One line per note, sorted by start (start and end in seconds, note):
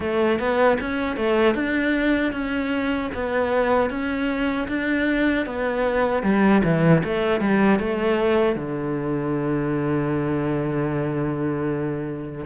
0.00 0.39 A3
0.39 0.78 B3
0.80 1.16 C#4
1.16 1.54 A3
1.54 2.32 D4
2.32 3.10 C#4
3.14 3.90 B3
3.90 4.68 C#4
4.68 5.45 D4
5.45 6.23 B3
6.23 6.62 G3
6.64 7.03 E3
7.03 7.40 A3
7.40 7.79 G3
7.79 8.55 A3
8.55 12.45 D3